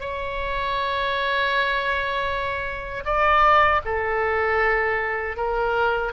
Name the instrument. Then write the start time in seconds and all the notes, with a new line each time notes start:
oboe
0.00 C#5
3.05 D5
3.85 A4
5.36 A#4